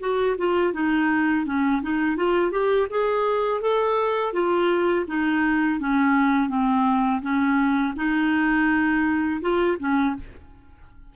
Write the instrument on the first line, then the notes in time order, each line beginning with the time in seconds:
clarinet
0.00 F#4
0.37 F4
0.73 D#4
1.46 C#4
1.82 D#4
2.16 F4
2.51 G4
2.90 G#4
3.60 A4
4.33 F4
5.07 D#4
5.80 C#4
6.49 C4
7.21 C#4
7.96 D#4
9.41 F4
9.79 C#4